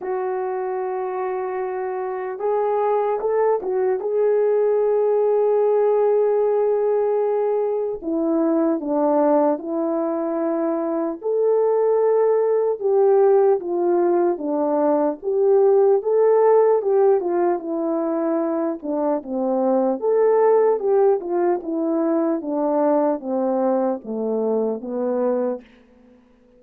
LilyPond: \new Staff \with { instrumentName = "horn" } { \time 4/4 \tempo 4 = 75 fis'2. gis'4 | a'8 fis'8 gis'2.~ | gis'2 e'4 d'4 | e'2 a'2 |
g'4 f'4 d'4 g'4 | a'4 g'8 f'8 e'4. d'8 | c'4 a'4 g'8 f'8 e'4 | d'4 c'4 a4 b4 | }